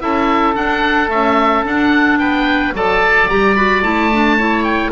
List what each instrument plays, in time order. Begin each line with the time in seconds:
0.00 double bass C#4, clarinet E4, oboe A4 E5
0.55 clarinet D4, double bass D4, oboe F#5
1.08 clarinet A3, double bass C#4, oboe E5
1.65 clarinet D4, double bass D4, oboe F#5
2.19 double bass B3, oboe B4 G5
2.72 double bass F#3, clarinet A4, oboe D5 A5
3.29 double bass G3, clarinet G4, oboe A#5
3.55 clarinet F#4, oboe B5
3.82 double bass A3, clarinet E4, oboe A5
4.13 clarinet D4
4.37 clarinet E4, oboe C#5
4.63 oboe G5